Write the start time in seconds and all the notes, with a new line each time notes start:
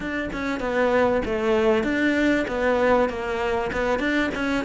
0.00 D4
0.33 C#4
0.60 B3
1.25 A3
1.83 D4
2.47 B3
3.09 A#3
3.72 B3
3.99 D4
4.35 C#4